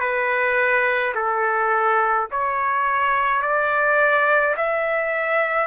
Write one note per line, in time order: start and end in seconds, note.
0.00 1.13 B4
1.15 2.28 A4
2.32 3.42 C#5
3.42 4.55 D5
4.57 5.67 E5